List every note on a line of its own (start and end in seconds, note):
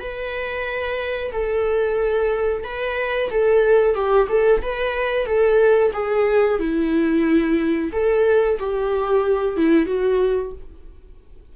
0.00 1.32 B4
1.32 2.64 A4
2.64 3.30 B4
3.31 3.95 A4
3.95 4.28 G4
4.29 4.62 A4
4.62 5.26 B4
5.26 5.92 A4
5.94 6.60 G#4
6.60 7.92 E4
7.93 8.59 A4
8.60 9.57 G4
9.57 9.86 E4
9.86 10.52 F#4